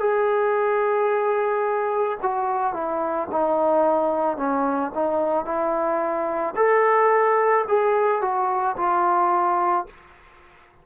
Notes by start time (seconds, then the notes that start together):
0.00 G#4
2.23 F#4
2.74 E4
3.32 D#4
4.37 C#4
4.95 D#4
5.45 E4
6.57 A4
7.68 G#4
8.22 F#4
8.78 F4